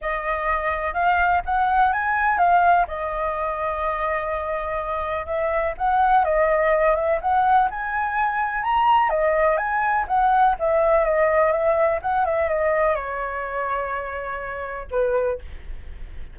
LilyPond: \new Staff \with { instrumentName = "flute" } { \time 4/4 \tempo 4 = 125 dis''2 f''4 fis''4 | gis''4 f''4 dis''2~ | dis''2. e''4 | fis''4 dis''4. e''8 fis''4 |
gis''2 ais''4 dis''4 | gis''4 fis''4 e''4 dis''4 | e''4 fis''8 e''8 dis''4 cis''4~ | cis''2. b'4 | }